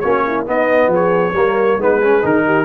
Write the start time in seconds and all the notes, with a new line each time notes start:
0.00 A#3 C#4 F#4 C#5
0.27 E4
0.46 B3 D#4 D#5
0.88 F3 G#4
0.95 C#5
1.33 G3 A#3 A#4
1.78 G#3 B3 D#4 B4
2.01 C#4 G#4
2.22 D#3 D#4 A#4
2.46 G4